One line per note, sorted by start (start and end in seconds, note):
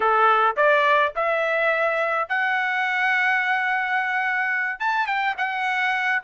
0.00 0.55 A4
0.56 1.13 D5
1.15 2.28 E5
2.28 4.79 F#5
4.79 5.07 A5
5.07 5.35 G5
5.37 6.22 F#5